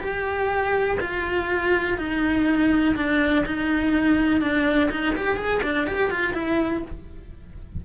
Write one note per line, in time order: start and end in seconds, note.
0.00 0.98 G4
1.00 1.98 F4
1.98 2.95 D#4
2.95 3.44 D4
3.45 4.41 D#4
4.41 4.90 D4
4.91 5.15 D#4
5.16 5.36 G4
5.36 5.61 G#4
5.63 5.86 D4
5.86 6.10 G4
6.10 6.33 F4
6.33 6.82 E4